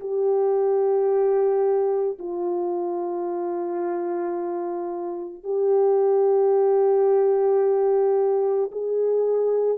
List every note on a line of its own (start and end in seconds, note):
0.00 2.18 G4
2.19 5.43 F4
5.43 8.71 G4
8.72 9.78 G#4